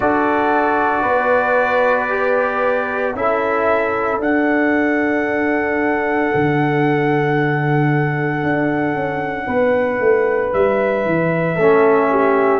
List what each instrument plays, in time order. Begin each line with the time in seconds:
0.00 tuba D4, trombone F#4, horn A4, trumpet D5
1.02 tuba B3, horn B4
2.09 trombone G4
3.14 tuba C#4, trombone E4, horn A4, trumpet E5
4.19 tuba D4, trombone D4, trumpet F#5
6.34 tuba D3
8.43 tuba D4
8.93 tuba C#4
9.46 tuba B3, horn B4
9.99 tuba A3
10.53 tuba G3, trumpet E5
11.05 tuba E3
11.55 tuba A3, trombone C#4, horn A4
12.10 horn G4